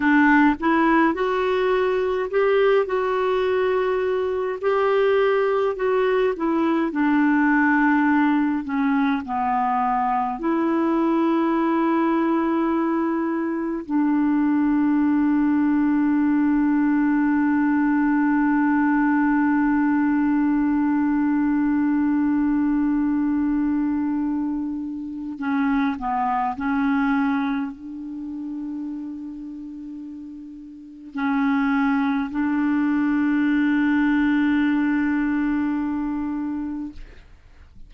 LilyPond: \new Staff \with { instrumentName = "clarinet" } { \time 4/4 \tempo 4 = 52 d'8 e'8 fis'4 g'8 fis'4. | g'4 fis'8 e'8 d'4. cis'8 | b4 e'2. | d'1~ |
d'1~ | d'2 cis'8 b8 cis'4 | d'2. cis'4 | d'1 | }